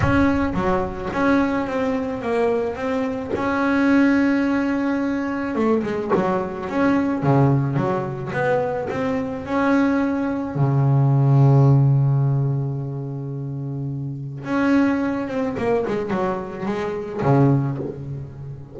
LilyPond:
\new Staff \with { instrumentName = "double bass" } { \time 4/4 \tempo 4 = 108 cis'4 fis4 cis'4 c'4 | ais4 c'4 cis'2~ | cis'2 a8 gis8 fis4 | cis'4 cis4 fis4 b4 |
c'4 cis'2 cis4~ | cis1~ | cis2 cis'4. c'8 | ais8 gis8 fis4 gis4 cis4 | }